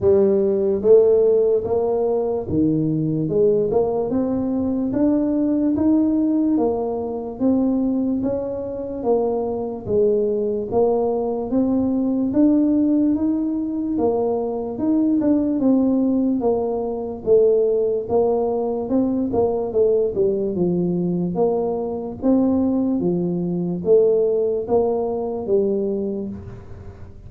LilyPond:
\new Staff \with { instrumentName = "tuba" } { \time 4/4 \tempo 4 = 73 g4 a4 ais4 dis4 | gis8 ais8 c'4 d'4 dis'4 | ais4 c'4 cis'4 ais4 | gis4 ais4 c'4 d'4 |
dis'4 ais4 dis'8 d'8 c'4 | ais4 a4 ais4 c'8 ais8 | a8 g8 f4 ais4 c'4 | f4 a4 ais4 g4 | }